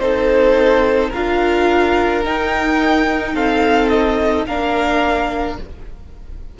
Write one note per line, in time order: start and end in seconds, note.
0.00 1.11 C4
0.00 1.12 D#4
0.00 1.10 A4
0.00 1.11 C5
1.10 2.26 D4
1.10 2.24 F4
1.10 3.32 A#4
1.10 2.25 F5
2.24 3.34 D#4
2.24 4.48 D#4
2.24 3.36 G5
3.34 4.46 C4
3.34 4.46 A4
3.34 3.89 F5
3.89 4.44 D#5
4.47 5.59 A#3
4.47 5.60 D4
4.47 5.59 A#4
4.47 5.58 F5